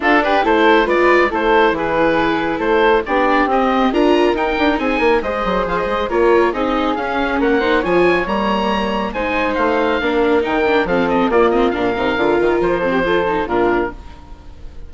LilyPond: <<
  \new Staff \with { instrumentName = "oboe" } { \time 4/4 \tempo 4 = 138 a'8 b'8 c''4 d''4 c''4 | b'2 c''4 d''4 | dis''4 ais''4 g''4 gis''4 | dis''4 f''16 dis''8. cis''4 dis''4 |
f''4 fis''4 gis''4 ais''4~ | ais''4 gis''4 f''2 | g''4 f''8 dis''8 d''8 dis''8 f''4~ | f''4 c''2 ais'4 | }
  \new Staff \with { instrumentName = "flute" } { \time 4/4 f'8 g'8 a'4 b'4 a'4 | gis'2 a'4 g'4~ | g'4 ais'2 gis'8 ais'8 | c''2 ais'4 gis'4~ |
gis'4 ais'8 c''8 cis''2~ | cis''4 c''2 ais'4~ | ais'4 a'4 f'4 ais'4~ | ais'4. a'16 g'16 a'4 f'4 | }
  \new Staff \with { instrumentName = "viola" } { \time 4/4 d'4 e'4 f'4 e'4~ | e'2. d'4 | c'4 f'4 dis'2 | gis'2 f'4 dis'4 |
cis'4. dis'8 f'4 ais4~ | ais4 dis'2 d'4 | dis'8 d'8 c'4 ais8 c'8 d'8 dis'8 | f'4. c'8 f'8 dis'8 d'4 | }
  \new Staff \with { instrumentName = "bassoon" } { \time 4/4 d'4 a4 gis4 a4 | e2 a4 b4 | c'4 d'4 dis'8 d'8 c'8 ais8 | gis8 fis8 f8 gis8 ais4 c'4 |
cis'4 ais4 f4 g4~ | g4 gis4 a4 ais4 | dis4 f4 ais4 ais,8 c8 | d8 dis8 f2 ais,4 | }
>>